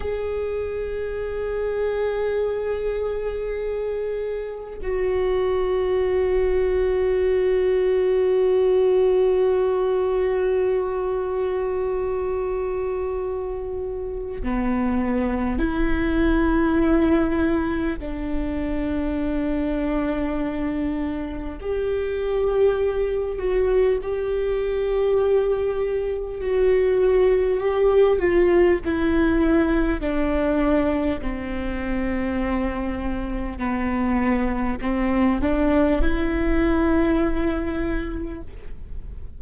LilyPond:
\new Staff \with { instrumentName = "viola" } { \time 4/4 \tempo 4 = 50 gis'1 | fis'1~ | fis'1 | b4 e'2 d'4~ |
d'2 g'4. fis'8 | g'2 fis'4 g'8 f'8 | e'4 d'4 c'2 | b4 c'8 d'8 e'2 | }